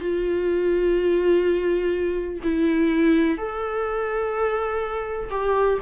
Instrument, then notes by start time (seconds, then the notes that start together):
viola
0.00 F4
2.43 E4
3.37 A4
5.30 G4